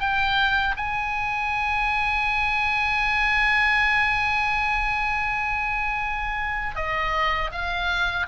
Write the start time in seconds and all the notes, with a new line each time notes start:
0.00 G5
0.77 G#5
6.76 D#5
7.51 F5